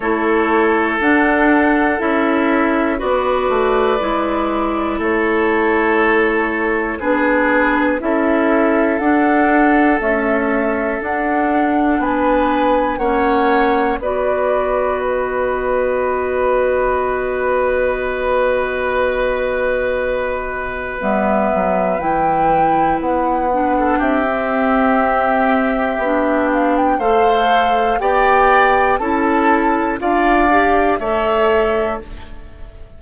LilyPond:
<<
  \new Staff \with { instrumentName = "flute" } { \time 4/4 \tempo 4 = 60 cis''4 fis''4 e''4 d''4~ | d''4 cis''2 b'4 | e''4 fis''4 e''4 fis''4 | gis''4 fis''4 d''4 dis''4~ |
dis''1~ | dis''4 e''4 g''4 fis''4 | e''2~ e''8 f''16 g''16 f''4 | g''4 a''4 f''4 e''4 | }
  \new Staff \with { instrumentName = "oboe" } { \time 4/4 a'2. b'4~ | b'4 a'2 gis'4 | a'1 | b'4 cis''4 b'2~ |
b'1~ | b'2.~ b'8. a'16 | g'2. c''4 | d''4 a'4 d''4 cis''4 | }
  \new Staff \with { instrumentName = "clarinet" } { \time 4/4 e'4 d'4 e'4 fis'4 | e'2. d'4 | e'4 d'4 a4 d'4~ | d'4 cis'4 fis'2~ |
fis'1~ | fis'4 b4 e'4. d'8~ | d'16 c'4.~ c'16 d'4 a'4 | g'4 e'4 f'8 g'8 a'4 | }
  \new Staff \with { instrumentName = "bassoon" } { \time 4/4 a4 d'4 cis'4 b8 a8 | gis4 a2 b4 | cis'4 d'4 cis'4 d'4 | b4 ais4 b2~ |
b1~ | b4 g8 fis8 e4 b4 | c'2 b4 a4 | b4 cis'4 d'4 a4 | }
>>